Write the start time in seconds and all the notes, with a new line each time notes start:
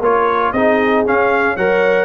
0.00 A#3 F4 A#4 C#5
0.52 C4 D#4 G#4 D#5
1.05 C#4 F5
1.55 F#3 A#4 C#5 F#5